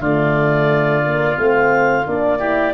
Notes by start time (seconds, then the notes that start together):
0.00 D3 A3 F4 D5
1.04 A#3
1.36 A3 C4 F5
2.07 A#3 D4 D5
2.39 E4 G4